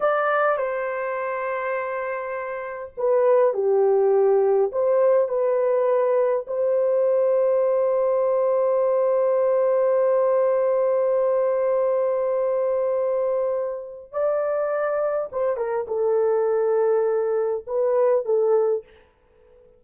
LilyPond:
\new Staff \with { instrumentName = "horn" } { \time 4/4 \tempo 4 = 102 d''4 c''2.~ | c''4 b'4 g'2 | c''4 b'2 c''4~ | c''1~ |
c''1~ | c''1 | d''2 c''8 ais'8 a'4~ | a'2 b'4 a'4 | }